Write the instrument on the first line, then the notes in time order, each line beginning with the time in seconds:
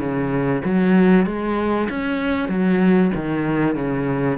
cello
0.00 C#3
0.65 F#3
1.26 G#3
1.90 C#4
2.49 F#3
3.15 D#3
3.76 C#3